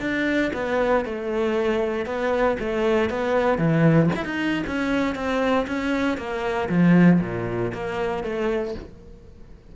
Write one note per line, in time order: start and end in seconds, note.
0.00 0.51 D4
0.54 1.05 B3
1.05 2.06 A3
2.06 2.57 B3
2.59 3.10 A3
3.10 3.58 B3
3.58 4.10 E3
4.16 4.25 E4
4.25 4.63 D#4
4.66 5.15 C#4
5.15 5.66 C4
5.67 6.17 C#4
6.17 6.69 A#3
6.69 7.20 F3
7.21 7.72 A#2
7.74 8.23 A#3
8.23 8.74 A3